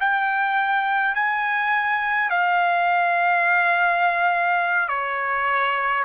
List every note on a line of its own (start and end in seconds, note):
0.00 1.15 G5
1.15 2.30 G#5
2.30 4.89 F5
4.89 6.04 C#5